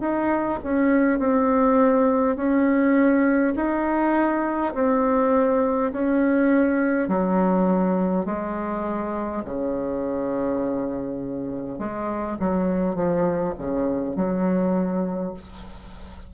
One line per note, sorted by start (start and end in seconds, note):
0.00 0.59 D#4
0.63 1.19 C#4
1.19 2.36 C4
2.36 3.53 C#4
3.56 4.73 D#4
4.74 5.91 C4
5.92 7.09 C#4
7.09 8.26 F#3
8.26 9.43 G#3
9.45 11.79 C#3
11.79 12.37 G#3
12.39 12.95 F#3
12.95 13.54 F3
13.58 14.16 C#3
14.16 15.33 F#3